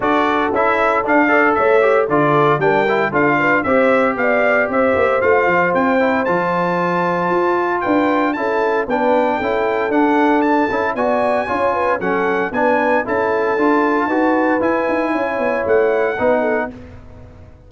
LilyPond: <<
  \new Staff \with { instrumentName = "trumpet" } { \time 4/4 \tempo 4 = 115 d''4 e''4 f''4 e''4 | d''4 g''4 f''4 e''4 | f''4 e''4 f''4 g''4 | a''2. g''4 |
a''4 g''2 fis''4 | a''4 gis''2 fis''4 | gis''4 a''2. | gis''2 fis''2 | }
  \new Staff \with { instrumentName = "horn" } { \time 4/4 a'2~ a'8 d''8 cis''4 | a'4 ais'4 a'8 b'8 c''4 | d''4 c''2.~ | c''2. b'4 |
a'4 b'4 a'2~ | a'4 d''4 cis''8 b'8 a'4 | b'4 a'2 b'4~ | b'4 cis''2 b'8 a'8 | }
  \new Staff \with { instrumentName = "trombone" } { \time 4/4 fis'4 e'4 d'8 a'4 g'8 | f'4 d'8 e'8 f'4 g'4~ | g'2 f'4. e'8 | f'1 |
e'4 d'4 e'4 d'4~ | d'8 e'8 fis'4 f'4 cis'4 | d'4 e'4 f'4 fis'4 | e'2. dis'4 | }
  \new Staff \with { instrumentName = "tuba" } { \time 4/4 d'4 cis'4 d'4 a4 | d4 g4 d'4 c'4 | b4 c'8 ais8 a8 f8 c'4 | f2 f'4 d'4 |
cis'4 b4 cis'4 d'4~ | d'8 cis'8 b4 cis'4 fis4 | b4 cis'4 d'4 dis'4 | e'8 dis'8 cis'8 b8 a4 b4 | }
>>